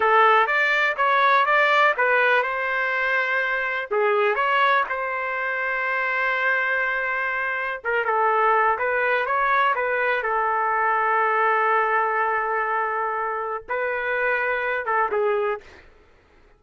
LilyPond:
\new Staff \with { instrumentName = "trumpet" } { \time 4/4 \tempo 4 = 123 a'4 d''4 cis''4 d''4 | b'4 c''2. | gis'4 cis''4 c''2~ | c''1 |
ais'8 a'4. b'4 cis''4 | b'4 a'2.~ | a'1 | b'2~ b'8 a'8 gis'4 | }